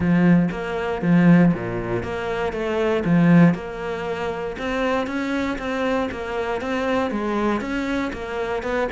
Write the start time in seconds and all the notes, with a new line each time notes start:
0.00 F3
0.51 A#3
1.02 F3
1.53 A#2
2.03 A#3
2.52 A3
3.04 F3
3.54 A#3
4.58 C4
5.06 C#4
5.58 C4
6.11 A#3
6.61 C4
7.10 G#3
7.60 C#4
8.12 A#3
8.62 B3